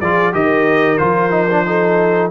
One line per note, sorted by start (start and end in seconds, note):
0.00 0.33 F3
0.00 0.32 F4
0.00 0.34 G#4
0.00 0.33 D5
0.32 1.00 D#3
0.32 0.97 G4
0.32 1.66 A#4
0.32 0.97 D#5
0.97 2.31 F3
0.97 1.30 F4
0.97 2.29 C5
1.30 1.47 D#4
1.50 1.65 D4
1.65 2.31 D#4
1.65 2.31 A4